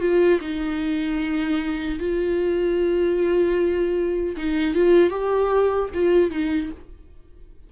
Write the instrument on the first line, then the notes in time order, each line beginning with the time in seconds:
viola
0.00 F4
0.41 D#4
1.99 F4
4.37 D#4
4.75 F4
5.10 G4
5.94 F4
6.31 D#4